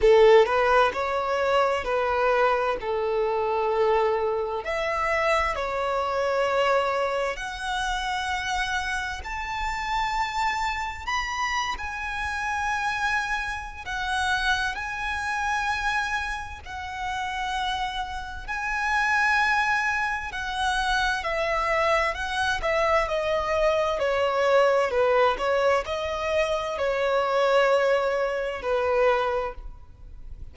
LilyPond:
\new Staff \with { instrumentName = "violin" } { \time 4/4 \tempo 4 = 65 a'8 b'8 cis''4 b'4 a'4~ | a'4 e''4 cis''2 | fis''2 a''2 | b''8. gis''2~ gis''16 fis''4 |
gis''2 fis''2 | gis''2 fis''4 e''4 | fis''8 e''8 dis''4 cis''4 b'8 cis''8 | dis''4 cis''2 b'4 | }